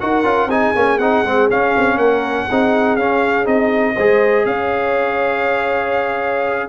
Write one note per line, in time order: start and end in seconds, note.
0.00 0.23 D#4
0.00 0.24 F#4
0.00 0.50 A#4
0.00 0.50 F#5
0.23 0.46 C#4
0.23 0.49 F4
0.46 0.71 C4
0.46 0.75 D#4
0.46 1.97 G#4
0.46 0.99 G#5
0.75 0.99 A#3
0.75 1.00 C#4
0.99 1.23 C4
0.99 1.25 D#4
0.99 1.48 F#5
1.23 1.48 G#3
1.23 1.50 C4
1.50 1.75 C#4
1.50 2.49 C#4
1.50 1.98 F5
1.77 1.96 C4
1.96 2.46 A#3
1.96 2.46 A#4
1.96 2.96 F#5
2.49 2.96 C4
2.49 2.99 D#4
2.49 3.95 G#4
2.96 3.46 C#4
2.96 3.45 C#4
2.96 3.46 F5
3.45 3.96 C4
3.45 3.94 D#4
3.45 4.46 D#5
3.95 4.45 G#3
3.95 6.69 G#4
3.95 4.45 C5
4.45 6.69 C#4
4.45 6.69 C#5
4.45 6.69 F5